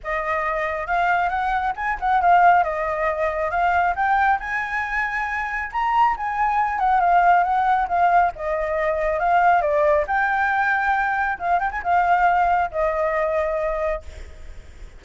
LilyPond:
\new Staff \with { instrumentName = "flute" } { \time 4/4 \tempo 4 = 137 dis''2 f''4 fis''4 | gis''8 fis''8 f''4 dis''2 | f''4 g''4 gis''2~ | gis''4 ais''4 gis''4. fis''8 |
f''4 fis''4 f''4 dis''4~ | dis''4 f''4 d''4 g''4~ | g''2 f''8 g''16 gis''16 f''4~ | f''4 dis''2. | }